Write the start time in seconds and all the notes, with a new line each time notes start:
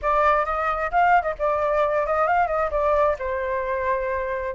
0.01 D5
0.45 D#5
0.91 F5
1.22 D#5
1.38 D5
2.06 D#5
2.27 F5
2.47 D#5
2.70 D5
3.18 C5